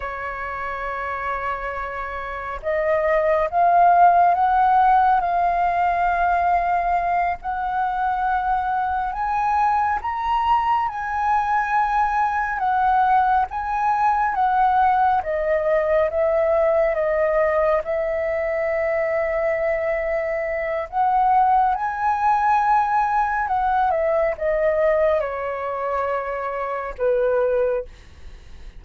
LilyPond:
\new Staff \with { instrumentName = "flute" } { \time 4/4 \tempo 4 = 69 cis''2. dis''4 | f''4 fis''4 f''2~ | f''8 fis''2 gis''4 ais''8~ | ais''8 gis''2 fis''4 gis''8~ |
gis''8 fis''4 dis''4 e''4 dis''8~ | dis''8 e''2.~ e''8 | fis''4 gis''2 fis''8 e''8 | dis''4 cis''2 b'4 | }